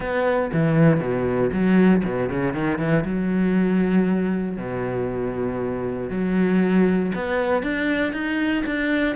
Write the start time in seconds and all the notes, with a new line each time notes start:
0.00 B3
0.52 E3
1.00 B2
1.52 F#3
2.04 B2
2.29 C#3
2.53 D#3
2.78 E3
3.04 F#3
4.57 B2
6.10 F#3
7.14 B3
7.62 D4
8.12 D#4
8.66 D4